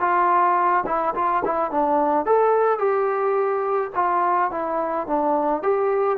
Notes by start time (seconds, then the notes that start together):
0.00 F4
0.86 E4
1.15 F4
1.45 E4
1.71 D4
2.26 A4
2.78 G4
3.95 F4
4.51 E4
5.07 D4
5.62 G4